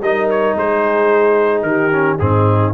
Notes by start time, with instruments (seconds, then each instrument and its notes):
0.00 tuba G3, trombone D#4, horn A#4, trumpet D#5
0.30 trumpet C#5
0.55 tuba G#3, horn G#4, trumpet C5
1.62 tuba D#3, horn G4, trumpet A#4
1.91 trombone C#4
2.19 tuba G#2, trombone C4, horn D#4, trumpet G#4